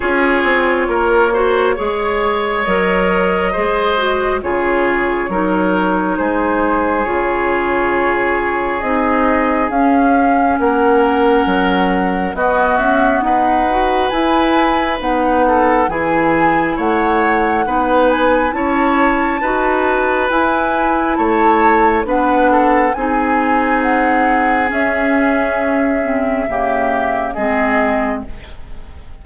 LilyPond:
<<
  \new Staff \with { instrumentName = "flute" } { \time 4/4 \tempo 4 = 68 cis''2. dis''4~ | dis''4 cis''2 c''4 | cis''2 dis''4 f''4 | fis''2 dis''8 e''8 fis''4 |
gis''4 fis''4 gis''4 fis''4~ | fis''8 gis''8 a''2 gis''4 | a''4 fis''4 gis''4 fis''4 | e''2. dis''4 | }
  \new Staff \with { instrumentName = "oboe" } { \time 4/4 gis'4 ais'8 c''8 cis''2 | c''4 gis'4 ais'4 gis'4~ | gis'1 | ais'2 fis'4 b'4~ |
b'4. a'8 gis'4 cis''4 | b'4 cis''4 b'2 | cis''4 b'8 a'8 gis'2~ | gis'2 g'4 gis'4 | }
  \new Staff \with { instrumentName = "clarinet" } { \time 4/4 f'4. fis'8 gis'4 ais'4 | gis'8 fis'8 f'4 dis'2 | f'2 dis'4 cis'4~ | cis'2 b4. fis'8 |
e'4 dis'4 e'2 | dis'4 e'4 fis'4 e'4~ | e'4 d'4 dis'2 | cis'4. c'8 ais4 c'4 | }
  \new Staff \with { instrumentName = "bassoon" } { \time 4/4 cis'8 c'8 ais4 gis4 fis4 | gis4 cis4 fis4 gis4 | cis2 c'4 cis'4 | ais4 fis4 b8 cis'8 dis'4 |
e'4 b4 e4 a4 | b4 cis'4 dis'4 e'4 | a4 b4 c'2 | cis'2 cis4 gis4 | }
>>